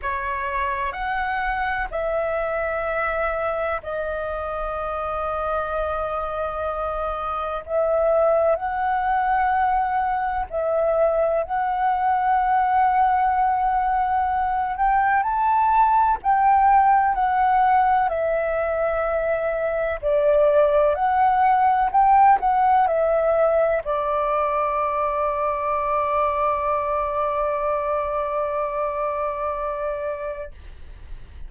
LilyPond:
\new Staff \with { instrumentName = "flute" } { \time 4/4 \tempo 4 = 63 cis''4 fis''4 e''2 | dis''1 | e''4 fis''2 e''4 | fis''2.~ fis''8 g''8 |
a''4 g''4 fis''4 e''4~ | e''4 d''4 fis''4 g''8 fis''8 | e''4 d''2.~ | d''1 | }